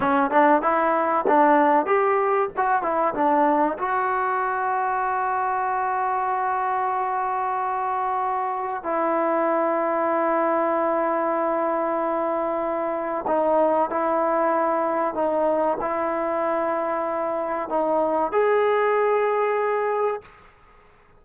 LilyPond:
\new Staff \with { instrumentName = "trombone" } { \time 4/4 \tempo 4 = 95 cis'8 d'8 e'4 d'4 g'4 | fis'8 e'8 d'4 fis'2~ | fis'1~ | fis'2 e'2~ |
e'1~ | e'4 dis'4 e'2 | dis'4 e'2. | dis'4 gis'2. | }